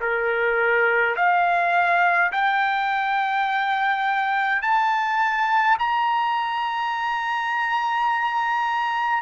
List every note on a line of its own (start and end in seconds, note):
0.00 1.15 A#4
1.16 2.31 F5
2.32 4.62 G5
4.62 5.77 A5
5.78 9.22 A#5